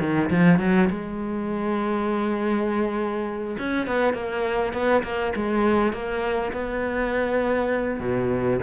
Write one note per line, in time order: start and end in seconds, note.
0.00 0.30 D#3
0.30 0.59 F3
0.59 0.89 F#3
0.90 3.58 G#3
3.58 3.87 C#4
3.87 4.14 B3
4.14 4.73 A#3
4.73 5.03 B3
5.03 5.33 A#3
5.36 5.93 G#3
5.93 6.52 A#3
6.53 8.00 B3
8.00 8.59 B2